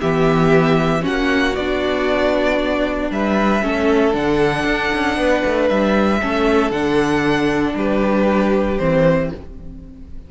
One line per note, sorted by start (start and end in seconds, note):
0.00 1.05 E3
0.00 1.01 B3
0.00 1.02 G4
0.00 1.04 E5
1.01 1.52 C#4
1.01 3.08 F#4
1.01 1.55 F#5
1.08 1.56 A#3
1.55 3.10 B3
1.55 3.62 D4
1.55 3.10 D5
3.10 3.62 G3
3.10 3.64 B4
3.10 4.15 E5
3.62 4.13 A3
3.62 4.12 C#4
3.62 5.17 A4
4.12 4.63 D3
4.12 6.19 D4
4.12 5.68 F#5
4.63 4.89 D4
4.94 5.16 C#4
5.16 5.42 B3
5.16 6.20 B4
5.44 5.69 A3
5.68 6.21 G3
5.68 6.71 E5
6.20 6.70 A3
6.20 6.72 C#4
6.20 7.75 A4
6.70 7.74 D3
6.70 8.78 D4
6.70 7.74 F#5
7.74 8.78 G3
7.74 9.30 G4
7.74 8.78 B4
8.78 9.31 E3
8.78 9.30 C4
8.78 9.29 C5